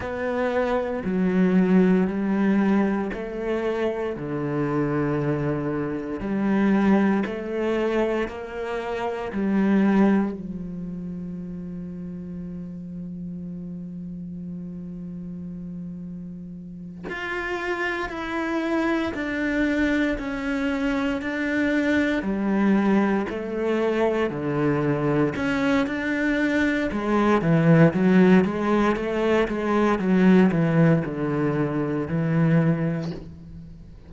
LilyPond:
\new Staff \with { instrumentName = "cello" } { \time 4/4 \tempo 4 = 58 b4 fis4 g4 a4 | d2 g4 a4 | ais4 g4 f2~ | f1~ |
f8 f'4 e'4 d'4 cis'8~ | cis'8 d'4 g4 a4 d8~ | d8 cis'8 d'4 gis8 e8 fis8 gis8 | a8 gis8 fis8 e8 d4 e4 | }